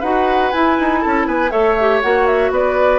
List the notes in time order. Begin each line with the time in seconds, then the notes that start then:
0.00 D#4 F#4 B4 F#5
0.52 E4 G#5
0.80 D#4
1.01 C#4 A4 A5
1.26 B3 B4 G#5
1.50 A3 A4 C#5 E5
1.80 G4
2.02 A#3 F#4 F#5
2.27 E5
2.51 B3 B4 D5